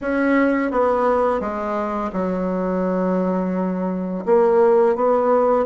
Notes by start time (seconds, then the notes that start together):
0.01 C#4
0.71 B3
1.40 G#3
2.12 F#3
4.25 A#3
4.95 B3